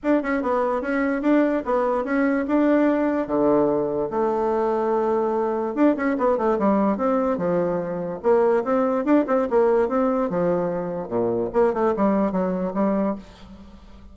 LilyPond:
\new Staff \with { instrumentName = "bassoon" } { \time 4/4 \tempo 4 = 146 d'8 cis'8 b4 cis'4 d'4 | b4 cis'4 d'2 | d2 a2~ | a2 d'8 cis'8 b8 a8 |
g4 c'4 f2 | ais4 c'4 d'8 c'8 ais4 | c'4 f2 ais,4 | ais8 a8 g4 fis4 g4 | }